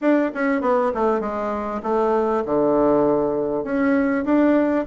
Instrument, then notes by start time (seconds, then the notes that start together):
bassoon
0.01 D4
0.34 C#4
0.61 B3
0.94 A3
1.20 G#3
1.82 A3
2.45 D3
3.64 C#4
4.24 D4